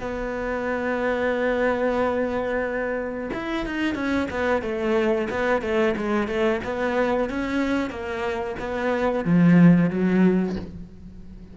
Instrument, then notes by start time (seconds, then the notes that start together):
cello
0.00 B3
3.33 E4
3.66 D#4
3.94 C#4
4.30 B3
4.62 A3
5.30 B3
5.61 A3
5.96 G#3
6.27 A3
6.64 B3
7.29 C#4
7.89 A#3
8.59 B3
9.24 F3
9.90 F#3